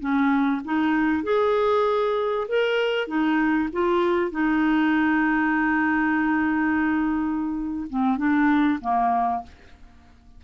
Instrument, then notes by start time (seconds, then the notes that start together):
clarinet
0.00 C#4
0.65 D#4
1.24 G#4
2.48 A#4
3.08 D#4
3.73 F4
4.31 D#4
7.90 C4
8.18 D4
8.81 A#3